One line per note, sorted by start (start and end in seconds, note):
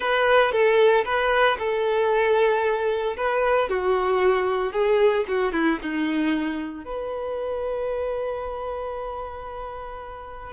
0.00 0.51 B4
0.51 1.04 A4
1.05 1.57 B4
1.58 3.16 A4
3.17 3.69 B4
3.69 4.72 F#4
4.72 5.25 G#4
5.28 5.52 F#4
5.52 5.78 E4
5.82 6.84 D#4
6.84 10.52 B4